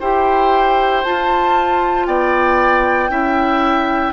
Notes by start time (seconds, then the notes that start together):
0.00 E4 G4 C5 G5
1.04 F4 A5
2.06 B3 D5 G5
3.09 C#4 E4 E5